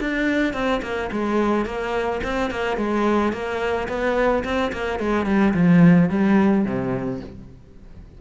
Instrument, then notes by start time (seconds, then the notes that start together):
cello
0.00 D4
0.53 C4
0.82 A#3
1.11 G#3
1.65 A#3
2.23 C4
2.51 A#3
2.77 G#3
3.32 A#3
3.88 B3
4.44 C4
4.72 A#3
4.99 G#3
5.26 G3
5.54 F3
6.09 G3
6.65 C3